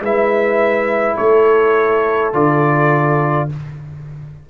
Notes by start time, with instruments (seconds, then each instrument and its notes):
0.00 tuba G#3, trombone E4, horn B4, trumpet E5
1.17 tuba A3, horn A4, trumpet C#5
2.33 tuba D3, trombone F4, trumpet D5